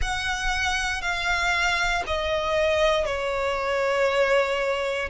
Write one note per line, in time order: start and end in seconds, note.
0.01 1.01 F#5
1.01 2.03 F5
2.07 3.05 D#5
3.05 5.08 C#5